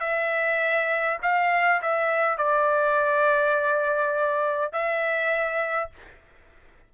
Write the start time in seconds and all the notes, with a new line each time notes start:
0.00 E5
1.22 F5
1.82 E5
2.37 D5
4.72 E5